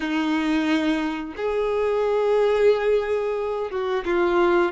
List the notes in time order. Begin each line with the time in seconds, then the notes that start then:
0.00 D#4
1.36 G#4
3.70 F#4
4.05 F4